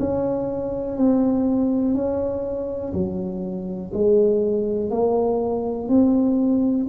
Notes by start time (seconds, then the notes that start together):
0.00 C#4
0.97 C4
1.95 C#4
2.94 F#3
3.94 G#3
4.90 A#3
5.89 C4